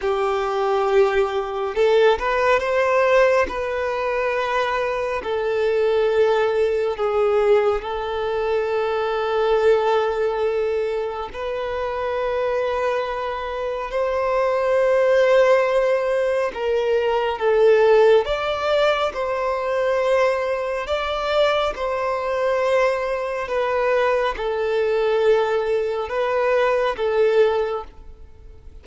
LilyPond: \new Staff \with { instrumentName = "violin" } { \time 4/4 \tempo 4 = 69 g'2 a'8 b'8 c''4 | b'2 a'2 | gis'4 a'2.~ | a'4 b'2. |
c''2. ais'4 | a'4 d''4 c''2 | d''4 c''2 b'4 | a'2 b'4 a'4 | }